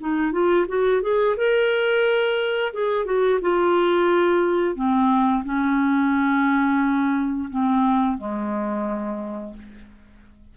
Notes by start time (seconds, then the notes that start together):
0.00 D#4
0.32 F4
0.68 F#4
1.02 G#4
1.37 A#4
2.73 G#4
3.05 F#4
3.41 F4
4.75 C4
5.45 C#4
7.50 C4
8.18 G#3